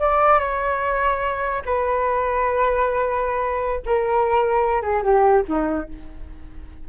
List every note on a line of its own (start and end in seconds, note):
0.00 0.40 D5
0.40 1.63 C#5
1.66 3.81 B4
3.86 4.82 A#4
4.82 5.03 G#4
5.03 5.45 G4
5.48 5.89 D#4